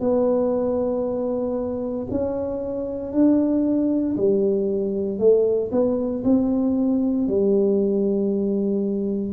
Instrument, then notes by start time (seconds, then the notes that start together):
tuba
0.00 B3
2.11 C#4
3.12 D4
4.17 G3
5.19 A3
5.72 B3
6.24 C4
7.28 G3